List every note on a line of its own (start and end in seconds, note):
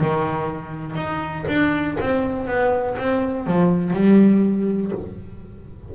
0.00 0.95 D#3
0.95 1.44 D#4
1.48 1.97 D4
1.99 2.47 C4
2.47 2.96 B3
2.98 3.46 C4
3.46 3.93 F3
3.93 4.91 G3